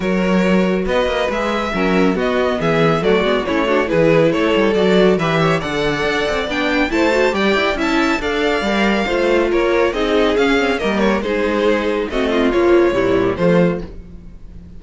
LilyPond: <<
  \new Staff \with { instrumentName = "violin" } { \time 4/4 \tempo 4 = 139 cis''2 dis''4 e''4~ | e''4 dis''4 e''4 d''4 | cis''4 b'4 cis''4 d''4 | e''4 fis''2 g''4 |
a''4 g''4 a''4 f''4~ | f''2 cis''4 dis''4 | f''4 dis''8 cis''8 c''2 | dis''4 cis''2 c''4 | }
  \new Staff \with { instrumentName = "violin" } { \time 4/4 ais'2 b'2 | ais'4 fis'4 gis'4 fis'4 | e'8 fis'8 gis'4 a'2 | b'8 cis''8 d''2. |
c''4 d''4 e''4 d''4~ | d''4 c''4 ais'4 gis'4~ | gis'4 ais'4 gis'2 | fis'8 f'4. e'4 f'4 | }
  \new Staff \with { instrumentName = "viola" } { \time 4/4 fis'2. gis'4 | cis'4 b2 a8 b8 | cis'8 d'8 e'2 fis'4 | g'4 a'2 d'4 |
e'8 fis'8 g'4 e'4 a'4 | ais'4 f'2 dis'4 | cis'8 c'8 ais4 dis'2 | c'4 f4 g4 a4 | }
  \new Staff \with { instrumentName = "cello" } { \time 4/4 fis2 b8 ais8 gis4 | fis4 b4 e4 fis8 gis8 | a4 e4 a8 g8 fis4 | e4 d4 d'8 c'8 b4 |
a4 g8 e'8 cis'4 d'4 | g4 a4 ais4 c'4 | cis'4 g4 gis2 | a4 ais4 ais,4 f4 | }
>>